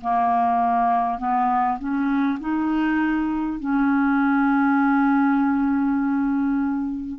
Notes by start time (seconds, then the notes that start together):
0.00 A#3
1.18 B3
1.78 C#4
2.39 D#4
3.59 C#4